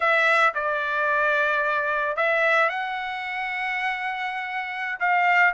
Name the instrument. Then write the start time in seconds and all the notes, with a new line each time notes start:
trumpet
0.00 E5
0.54 D5
2.16 E5
2.69 F#5
4.99 F5